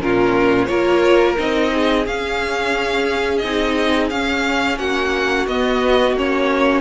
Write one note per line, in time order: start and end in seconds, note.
0.00 0.68 A#2
0.00 0.67 C#4
0.00 0.69 F4
0.00 0.65 A#4
0.65 1.37 A#3
0.65 1.36 F4
0.65 1.71 A#4
0.65 1.33 C#5
1.36 2.06 C4
1.36 2.05 D#4
1.36 2.06 D#5
1.73 4.79 G#4
2.06 3.42 C#4
2.06 3.43 C#4
2.06 3.38 F5
3.38 4.10 C4
3.38 4.11 D#4
3.38 4.06 D#5
4.10 4.78 C#4
4.10 5.47 C#4
4.10 4.78 F5
4.78 5.46 A#3
4.78 6.81 F#4
4.78 5.46 F#5
5.46 6.12 B3
5.46 6.16 B3
5.46 6.15 D#5
6.12 6.80 A#3
6.12 6.81 C#4
6.18 6.81 C#5